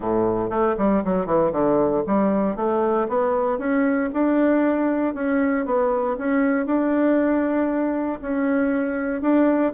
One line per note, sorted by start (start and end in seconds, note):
0.00 0.50 A2
0.50 0.75 A3
0.77 1.03 G3
1.04 1.25 F#3
1.25 1.51 E3
1.52 2.03 D3
2.07 2.56 G3
2.56 3.07 A3
3.08 3.58 B3
3.58 4.09 C#4
4.13 5.14 D4
5.14 5.65 C#4
5.65 6.17 B3
6.17 6.65 C#4
6.65 8.19 D4
8.21 9.21 C#4
9.21 9.72 D4